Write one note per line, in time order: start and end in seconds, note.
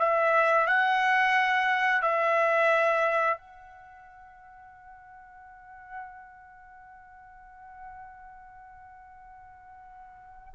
0.00 0.67 E5
0.67 2.02 F#5
2.02 3.38 E5
3.38 10.54 F#5